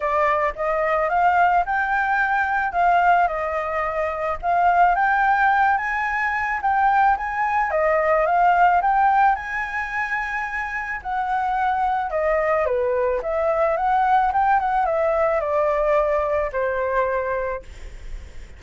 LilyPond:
\new Staff \with { instrumentName = "flute" } { \time 4/4 \tempo 4 = 109 d''4 dis''4 f''4 g''4~ | g''4 f''4 dis''2 | f''4 g''4. gis''4. | g''4 gis''4 dis''4 f''4 |
g''4 gis''2. | fis''2 dis''4 b'4 | e''4 fis''4 g''8 fis''8 e''4 | d''2 c''2 | }